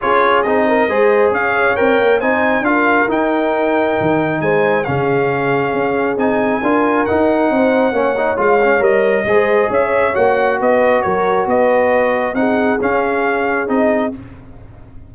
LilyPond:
<<
  \new Staff \with { instrumentName = "trumpet" } { \time 4/4 \tempo 4 = 136 cis''4 dis''2 f''4 | g''4 gis''4 f''4 g''4~ | g''2 gis''4 f''4~ | f''2 gis''2 |
fis''2. f''4 | dis''2 e''4 fis''4 | dis''4 cis''4 dis''2 | fis''4 f''2 dis''4 | }
  \new Staff \with { instrumentName = "horn" } { \time 4/4 gis'4. ais'8 c''4 cis''4~ | cis''4 c''4 ais'2~ | ais'2 c''4 gis'4~ | gis'2. ais'4~ |
ais'4 c''4 cis''2~ | cis''4 c''4 cis''2 | b'4 ais'4 b'2 | gis'1 | }
  \new Staff \with { instrumentName = "trombone" } { \time 4/4 f'4 dis'4 gis'2 | ais'4 dis'4 f'4 dis'4~ | dis'2. cis'4~ | cis'2 dis'4 f'4 |
dis'2 cis'8 dis'8 f'8 cis'8 | ais'4 gis'2 fis'4~ | fis'1 | dis'4 cis'2 dis'4 | }
  \new Staff \with { instrumentName = "tuba" } { \time 4/4 cis'4 c'4 gis4 cis'4 | c'8 ais8 c'4 d'4 dis'4~ | dis'4 dis4 gis4 cis4~ | cis4 cis'4 c'4 d'4 |
dis'4 c'4 ais4 gis4 | g4 gis4 cis'4 ais4 | b4 fis4 b2 | c'4 cis'2 c'4 | }
>>